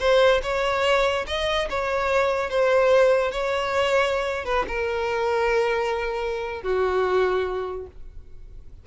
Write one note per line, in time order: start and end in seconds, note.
0.00 0.41 C5
0.43 1.26 C#5
1.27 1.69 D#5
1.70 2.50 C#5
2.50 3.32 C5
3.32 4.45 C#5
4.45 4.66 B4
4.68 6.63 A#4
6.63 7.87 F#4